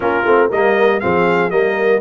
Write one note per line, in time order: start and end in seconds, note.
0.00 0.24 A#3
0.00 0.23 C#4
0.00 0.47 F4
0.00 0.51 A#4
0.24 0.50 A3
0.24 0.51 C4
0.47 1.02 G3
0.47 1.01 A#3
0.47 0.98 A#4
0.47 1.00 D#5
1.00 1.50 F3
1.00 1.51 C4
1.00 1.53 G#4
1.00 1.50 F5
1.50 2.01 G3
1.50 2.01 A#3
1.50 2.01 A#4
1.50 2.00 D#5